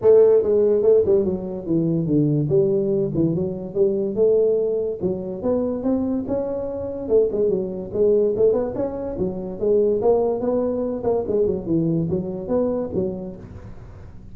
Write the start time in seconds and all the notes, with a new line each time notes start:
0.01 A3
0.42 G#3
0.82 A3
1.05 G3
1.24 F#3
1.66 E3
2.06 D3
2.49 G3
3.14 E3
3.35 F#3
3.74 G3
4.15 A3
5.01 F#3
5.42 B3
5.83 C4
6.27 C#4
7.08 A3
7.31 G#3
7.49 F#3
7.93 G#3
8.36 A3
8.52 B3
8.75 C#4
9.18 F#3
9.59 G#3
10.01 A#3
10.40 B3
11.03 A#3
11.27 G#3
11.46 F#3
11.66 E3
12.09 F#3
12.48 B3
12.94 F#3